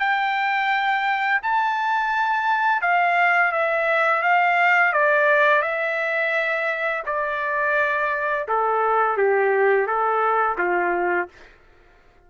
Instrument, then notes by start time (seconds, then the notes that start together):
trumpet
0.00 G5
1.43 A5
2.82 F5
3.52 E5
4.23 F5
4.93 D5
5.63 E5
7.07 D5
8.49 A4
9.18 G4
9.87 A4
10.59 F4